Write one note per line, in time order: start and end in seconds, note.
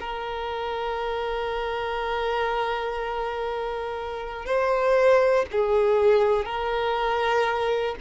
0.00 4.45 A#4
4.45 5.45 C5
5.51 6.45 G#4
6.45 7.95 A#4